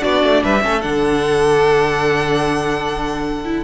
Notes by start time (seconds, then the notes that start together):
0.00 B3 D4 F#4 D5
0.23 A3
0.44 G3 B4 E5
0.61 A3 C#4 A4
0.81 D3 D4 F#5
3.44 E4